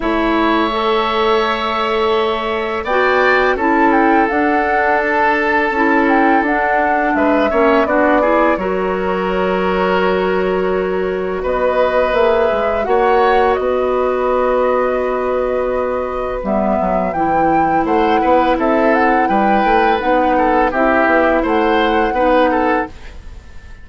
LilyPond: <<
  \new Staff \with { instrumentName = "flute" } { \time 4/4 \tempo 4 = 84 e''1 | g''4 a''8 g''8 fis''4 a''4~ | a''8 g''8 fis''4 e''4 d''4 | cis''1 |
dis''4 e''4 fis''4 dis''4~ | dis''2. e''4 | g''4 fis''4 e''8 fis''8 g''4 | fis''4 e''4 fis''2 | }
  \new Staff \with { instrumentName = "oboe" } { \time 4/4 cis''1 | d''4 a'2.~ | a'2 b'8 cis''8 fis'8 gis'8 | ais'1 |
b'2 cis''4 b'4~ | b'1~ | b'4 c''8 b'8 a'4 b'4~ | b'8 a'8 g'4 c''4 b'8 a'8 | }
  \new Staff \with { instrumentName = "clarinet" } { \time 4/4 e'4 a'2. | fis'4 e'4 d'2 | e'4 d'4. cis'8 d'8 e'8 | fis'1~ |
fis'4 gis'4 fis'2~ | fis'2. b4 | e'1 | dis'4 e'2 dis'4 | }
  \new Staff \with { instrumentName = "bassoon" } { \time 4/4 a1 | b4 cis'4 d'2 | cis'4 d'4 gis8 ais8 b4 | fis1 |
b4 ais8 gis8 ais4 b4~ | b2. g8 fis8 | e4 a8 b8 c'4 g8 a8 | b4 c'8 b8 a4 b4 | }
>>